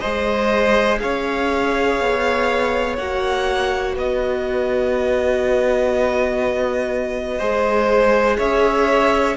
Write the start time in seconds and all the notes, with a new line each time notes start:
0.00 G#3 G#4 C5 D#5
1.00 C#4 C#5 F5
2.00 B3
2.97 A#3 F#4 F#5
3.94 B3 B4 D#5
7.39 G#3 G#4 C5
8.38 C#4 C#5 E5